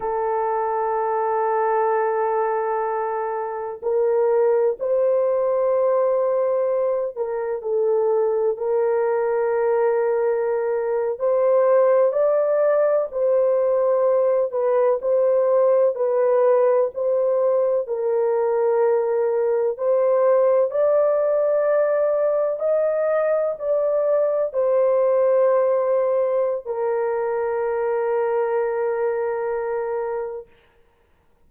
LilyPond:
\new Staff \with { instrumentName = "horn" } { \time 4/4 \tempo 4 = 63 a'1 | ais'4 c''2~ c''8 ais'8 | a'4 ais'2~ ais'8. c''16~ | c''8. d''4 c''4. b'8 c''16~ |
c''8. b'4 c''4 ais'4~ ais'16~ | ais'8. c''4 d''2 dis''16~ | dis''8. d''4 c''2~ c''16 | ais'1 | }